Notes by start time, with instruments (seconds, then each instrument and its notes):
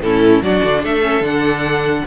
0.00 cello A2, viola C#4, violin E4 A4
0.42 cello F#3, viola D4, violin F#4 D5
0.64 cello D3
0.82 cello A3, violin A4 E5
1.02 viola C#4
1.21 cello D3, viola D4, violin F#5